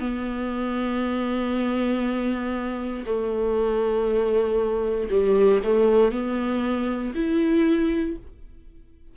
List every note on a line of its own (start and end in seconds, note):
0.00 3.05 B3
3.06 5.10 A3
5.10 5.61 G3
5.64 6.12 A3
6.12 7.14 B3
7.15 8.17 E4